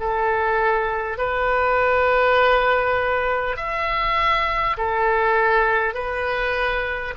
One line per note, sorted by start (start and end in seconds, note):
0.00 1.17 A4
1.17 3.57 B4
3.57 4.77 E5
4.77 5.94 A4
5.94 7.14 B4